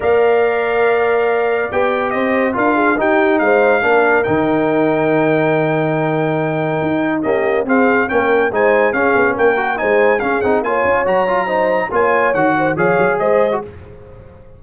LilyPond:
<<
  \new Staff \with { instrumentName = "trumpet" } { \time 4/4 \tempo 4 = 141 f''1 | g''4 dis''4 f''4 g''4 | f''2 g''2~ | g''1~ |
g''4 dis''4 f''4 g''4 | gis''4 f''4 g''4 gis''4 | f''8 fis''8 gis''4 ais''2 | gis''4 fis''4 f''4 dis''4 | }
  \new Staff \with { instrumentName = "horn" } { \time 4/4 d''1~ | d''4 c''4 ais'8 gis'8 g'4 | c''4 ais'2.~ | ais'1~ |
ais'4 g'4 gis'4 ais'4 | c''4 gis'4 ais'4 c''4 | gis'4 cis''2 c''4 | cis''4. c''8 cis''4 c''4 | }
  \new Staff \with { instrumentName = "trombone" } { \time 4/4 ais'1 | g'2 f'4 dis'4~ | dis'4 d'4 dis'2~ | dis'1~ |
dis'4 ais4 c'4 cis'4 | dis'4 cis'4. fis'8 dis'4 | cis'8 dis'8 f'4 fis'8 f'8 dis'4 | f'4 fis'4 gis'4.~ gis'16 fis'16 | }
  \new Staff \with { instrumentName = "tuba" } { \time 4/4 ais1 | b4 c'4 d'4 dis'4 | gis4 ais4 dis2~ | dis1 |
dis'4 cis'4 c'4 ais4 | gis4 cis'8 b8 ais4 gis4 | cis'8 c'8 ais8 cis'8 fis2 | ais4 dis4 f8 fis8 gis4 | }
>>